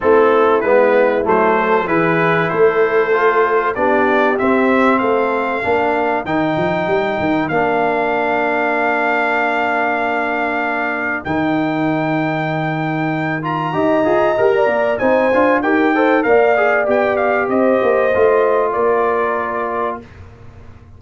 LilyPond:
<<
  \new Staff \with { instrumentName = "trumpet" } { \time 4/4 \tempo 4 = 96 a'4 b'4 c''4 b'4 | c''2 d''4 e''4 | f''2 g''2 | f''1~ |
f''2 g''2~ | g''4. ais''2~ ais''8 | gis''4 g''4 f''4 g''8 f''8 | dis''2 d''2 | }
  \new Staff \with { instrumentName = "horn" } { \time 4/4 e'2~ e'8 a'8 gis'4 | a'2 g'2 | a'4 ais'2.~ | ais'1~ |
ais'1~ | ais'2 dis''4~ dis''16 d''8. | c''4 ais'8 c''8 d''2 | c''2 ais'2 | }
  \new Staff \with { instrumentName = "trombone" } { \time 4/4 c'4 b4 a4 e'4~ | e'4 f'4 d'4 c'4~ | c'4 d'4 dis'2 | d'1~ |
d'2 dis'2~ | dis'4. f'8 g'8 gis'8 ais'4 | dis'8 f'8 g'8 a'8 ais'8 gis'8 g'4~ | g'4 f'2. | }
  \new Staff \with { instrumentName = "tuba" } { \time 4/4 a4 gis4 fis4 e4 | a2 b4 c'4 | a4 ais4 dis8 f8 g8 dis8 | ais1~ |
ais2 dis2~ | dis2 dis'8 f'8 g'8 ais8 | c'8 d'8 dis'4 ais4 b4 | c'8 ais8 a4 ais2 | }
>>